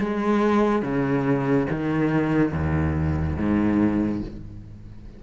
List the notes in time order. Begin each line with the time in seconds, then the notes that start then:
0.00 G#3
0.82 C#3
1.71 D#3
2.53 D#2
3.37 G#2